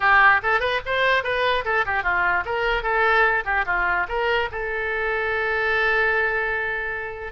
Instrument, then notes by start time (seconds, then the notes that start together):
oboe
0.00 G4
0.42 A4
0.60 B4
0.85 C5
1.23 B4
1.64 A4
1.85 G4
2.03 F4
2.45 A#4
2.83 A4
3.45 G4
3.65 F4
4.08 A#4
4.51 A4